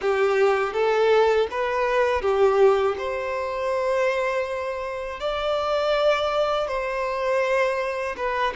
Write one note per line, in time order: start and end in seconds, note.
0.01 0.73 G4
0.73 1.47 A4
1.51 2.21 B4
2.21 2.95 G4
2.98 5.20 C5
5.20 6.67 D5
6.67 8.15 C5
8.16 8.53 B4